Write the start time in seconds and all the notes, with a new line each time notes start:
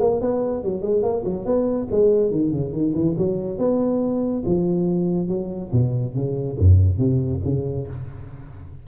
0.00 A#3
0.21 B3
0.63 F#3
0.82 G#3
1.03 A#3
1.24 F#3
1.45 B3
1.91 G#3
2.31 D#3
2.51 C#3
2.73 D#3
2.95 E3
3.18 F#3
3.58 B3
4.45 F3
5.28 F#3
5.73 B2
6.15 C#3
6.59 F#2
6.98 C3
7.45 C#3